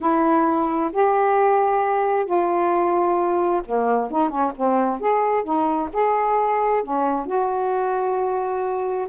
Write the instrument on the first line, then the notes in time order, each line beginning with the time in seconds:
saxophone
0.00 E4
0.92 G4
2.25 F4
3.66 A#3
4.10 D#4
4.29 C#4
4.56 C4
5.00 G#4
5.43 D#4
5.92 G#4
6.83 C#4
7.25 F#4